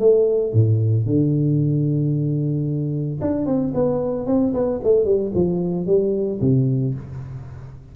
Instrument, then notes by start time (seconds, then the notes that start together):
tuba
0.00 A3
0.54 A2
1.06 D3
3.22 D4
3.46 C4
3.75 B3
4.27 C4
4.54 B3
4.84 A3
5.05 G3
5.35 F3
5.87 G3
6.41 C3